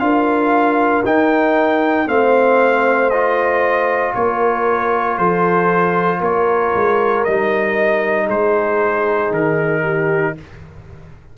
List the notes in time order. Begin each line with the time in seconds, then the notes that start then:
0.00 D4 F4 A#4 F5
1.06 D#4 G5
2.07 A3 C4 C5 F5
3.10 F4 D#5
4.15 A#3 A#4 C#5
5.18 F3 A4 C5
6.19 A#3 A#4 C#5
6.75 G#3
7.25 G3 D#4 D#5
8.26 G#3 G#4 C5
9.31 D#3 A#4
9.83 G4